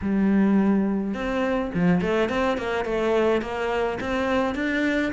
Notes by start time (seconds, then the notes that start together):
0.01 G3
1.14 C4
1.74 F3
2.01 A3
2.29 C4
2.57 A#3
2.84 A3
3.41 A#3
4.00 C4
4.54 D4